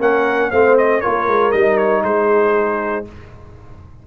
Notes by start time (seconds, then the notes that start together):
0.00 A#3 C#4 A#4 F#5
0.51 A3 C4 C5 F5
0.77 D#5
1.01 A#3 F4 A#4 C#5
1.27 G#3
1.51 G3 D#4 D#5
1.77 C#5
2.03 G#3 G#4 C5